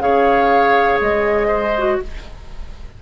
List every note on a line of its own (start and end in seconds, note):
0.00 0.98 C#3
0.00 1.72 G#4
0.00 1.48 C#5
0.00 0.99 F5
1.01 2.00 G#3
1.01 2.00 D#5
1.48 1.97 C5
1.78 2.03 F#4